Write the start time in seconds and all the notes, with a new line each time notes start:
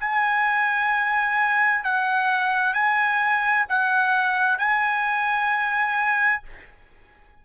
0.00 G#5
1.84 F#5
2.74 G#5
3.69 F#5
4.59 G#5